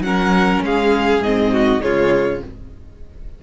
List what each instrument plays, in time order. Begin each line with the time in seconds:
0.00 cello F#3, viola C#4, violin A#4 F#5
0.62 cello G#3, violin G#4 F5
1.21 cello G#2, viola C4, violin D#5
1.52 violin F#4
1.81 cello C#3, viola G#3, violin F4 C#5